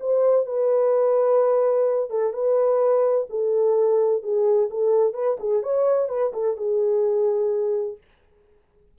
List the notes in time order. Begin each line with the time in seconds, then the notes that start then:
0.00 C5
0.46 B4
2.10 A4
2.33 B4
3.30 A4
4.23 G#4
4.71 A4
5.14 B4
5.40 G#4
5.63 C#5
6.09 B4
6.34 A4
6.57 G#4